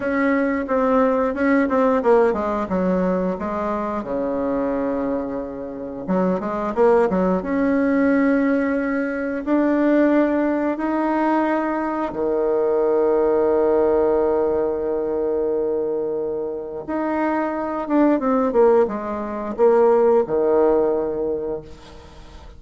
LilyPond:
\new Staff \with { instrumentName = "bassoon" } { \time 4/4 \tempo 4 = 89 cis'4 c'4 cis'8 c'8 ais8 gis8 | fis4 gis4 cis2~ | cis4 fis8 gis8 ais8 fis8 cis'4~ | cis'2 d'2 |
dis'2 dis2~ | dis1~ | dis4 dis'4. d'8 c'8 ais8 | gis4 ais4 dis2 | }